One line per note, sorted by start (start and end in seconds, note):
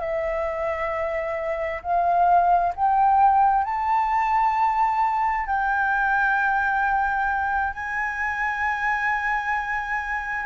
0.00 1.82 E5
1.82 2.73 F5
2.75 3.64 G5
3.64 5.46 A5
5.46 7.73 G5
7.73 10.45 G#5